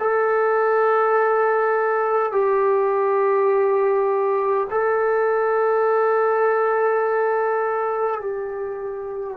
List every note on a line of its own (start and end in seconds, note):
0.00 2.32 A4
2.32 4.67 G4
4.71 8.21 A4
8.21 9.37 G4